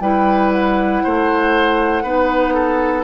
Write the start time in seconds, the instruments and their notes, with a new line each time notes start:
0.00 bassoon G3, clarinet E4, oboe B4, flute G5
0.51 flute F#5
1.03 bassoon A3, oboe C5
2.03 bassoon B3, clarinet D#4, oboe B4
2.54 oboe A4